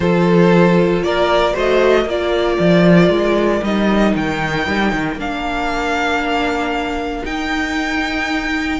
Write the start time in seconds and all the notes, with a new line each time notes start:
0.00 F3 F4 A4 C5
1.02 A#3 A#4 D5
1.53 A3 F#4 C5 D#5
2.03 A#3 F4 A#4 D5
2.59 F3
3.09 G#3
3.62 G3 D#4 D#5
4.15 D#3 G5
4.67 G3
4.92 D#3
5.15 A#3 D4 F5
7.24 D#4 G5